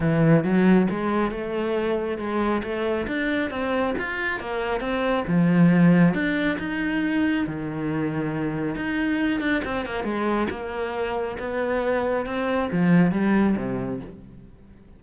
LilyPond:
\new Staff \with { instrumentName = "cello" } { \time 4/4 \tempo 4 = 137 e4 fis4 gis4 a4~ | a4 gis4 a4 d'4 | c'4 f'4 ais4 c'4 | f2 d'4 dis'4~ |
dis'4 dis2. | dis'4. d'8 c'8 ais8 gis4 | ais2 b2 | c'4 f4 g4 c4 | }